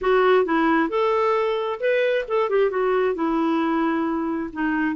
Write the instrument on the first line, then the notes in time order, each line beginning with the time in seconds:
clarinet
0.01 F#4
0.45 E4
0.89 A4
1.80 B4
2.27 A4
2.49 G4
2.70 F#4
3.15 E4
4.52 D#4